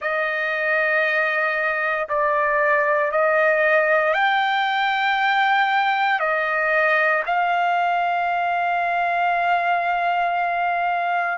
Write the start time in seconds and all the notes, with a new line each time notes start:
0.00 D#5
2.08 D5
3.11 D#5
4.13 G5
6.19 D#5
7.26 F5